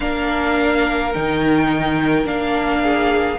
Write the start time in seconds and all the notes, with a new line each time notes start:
0.00 A#3 D4 A#4 F5
1.13 D#3 D#4 G5
2.24 A#3 D4 F5
2.81 G#4